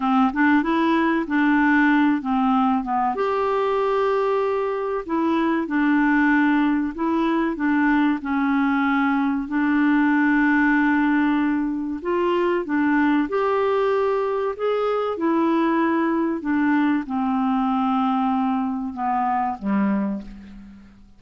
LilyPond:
\new Staff \with { instrumentName = "clarinet" } { \time 4/4 \tempo 4 = 95 c'8 d'8 e'4 d'4. c'8~ | c'8 b8 g'2. | e'4 d'2 e'4 | d'4 cis'2 d'4~ |
d'2. f'4 | d'4 g'2 gis'4 | e'2 d'4 c'4~ | c'2 b4 g4 | }